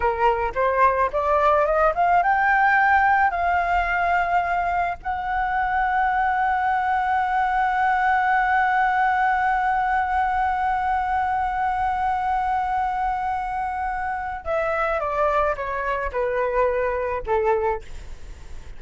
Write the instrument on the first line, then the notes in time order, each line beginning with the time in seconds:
flute
0.00 A#4
0.54 C5
1.12 D5
1.65 D#5
1.94 F5
2.22 G5
3.31 F5
5.02 F#5
14.44 E5
14.99 D5
15.56 C#5
16.11 B4
17.26 A4